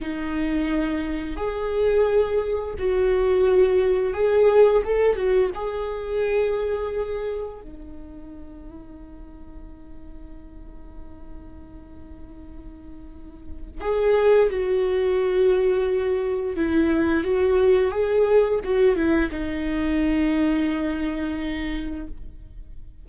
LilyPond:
\new Staff \with { instrumentName = "viola" } { \time 4/4 \tempo 4 = 87 dis'2 gis'2 | fis'2 gis'4 a'8 fis'8 | gis'2. dis'4~ | dis'1~ |
dis'1 | gis'4 fis'2. | e'4 fis'4 gis'4 fis'8 e'8 | dis'1 | }